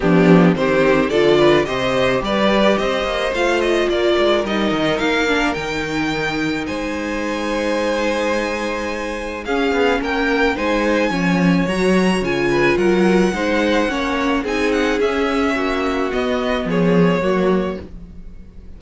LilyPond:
<<
  \new Staff \with { instrumentName = "violin" } { \time 4/4 \tempo 4 = 108 g'4 c''4 d''4 dis''4 | d''4 dis''4 f''8 dis''8 d''4 | dis''4 f''4 g''2 | gis''1~ |
gis''4 f''4 g''4 gis''4~ | gis''4 ais''4 gis''4 fis''4~ | fis''2 gis''8 fis''8 e''4~ | e''4 dis''4 cis''2 | }
  \new Staff \with { instrumentName = "violin" } { \time 4/4 d'4 g'4 a'8 b'8 c''4 | b'4 c''2 ais'4~ | ais'1 | c''1~ |
c''4 gis'4 ais'4 c''4 | cis''2~ cis''8 b'8 ais'4 | c''4 cis''4 gis'2 | fis'2 gis'4 fis'4 | }
  \new Staff \with { instrumentName = "viola" } { \time 4/4 b4 c'4 f'4 g'4~ | g'2 f'2 | dis'4. d'8 dis'2~ | dis'1~ |
dis'4 cis'2 dis'4 | cis'4 fis'4 f'2 | dis'4 cis'4 dis'4 cis'4~ | cis'4 b2 ais4 | }
  \new Staff \with { instrumentName = "cello" } { \time 4/4 f4 dis4 d4 c4 | g4 c'8 ais8 a4 ais8 gis8 | g8 dis8 ais4 dis2 | gis1~ |
gis4 cis'8 b8 ais4 gis4 | f4 fis4 cis4 fis4 | gis4 ais4 c'4 cis'4 | ais4 b4 f4 fis4 | }
>>